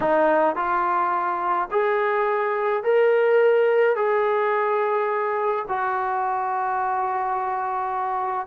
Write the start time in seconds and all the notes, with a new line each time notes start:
0.00 D#4
0.55 F4
1.71 G#4
2.83 A#4
3.95 G#4
5.68 F#4